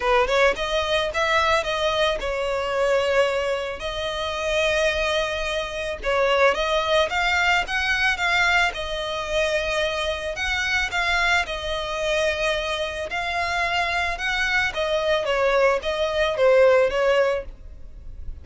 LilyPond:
\new Staff \with { instrumentName = "violin" } { \time 4/4 \tempo 4 = 110 b'8 cis''8 dis''4 e''4 dis''4 | cis''2. dis''4~ | dis''2. cis''4 | dis''4 f''4 fis''4 f''4 |
dis''2. fis''4 | f''4 dis''2. | f''2 fis''4 dis''4 | cis''4 dis''4 c''4 cis''4 | }